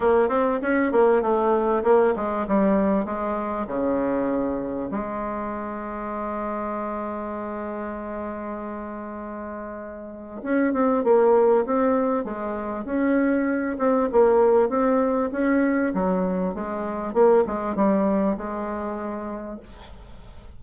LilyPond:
\new Staff \with { instrumentName = "bassoon" } { \time 4/4 \tempo 4 = 98 ais8 c'8 cis'8 ais8 a4 ais8 gis8 | g4 gis4 cis2 | gis1~ | gis1~ |
gis4 cis'8 c'8 ais4 c'4 | gis4 cis'4. c'8 ais4 | c'4 cis'4 fis4 gis4 | ais8 gis8 g4 gis2 | }